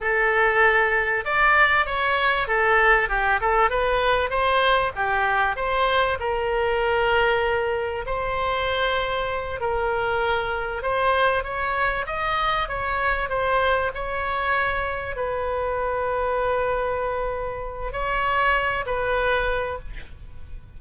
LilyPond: \new Staff \with { instrumentName = "oboe" } { \time 4/4 \tempo 4 = 97 a'2 d''4 cis''4 | a'4 g'8 a'8 b'4 c''4 | g'4 c''4 ais'2~ | ais'4 c''2~ c''8 ais'8~ |
ais'4. c''4 cis''4 dis''8~ | dis''8 cis''4 c''4 cis''4.~ | cis''8 b'2.~ b'8~ | b'4 cis''4. b'4. | }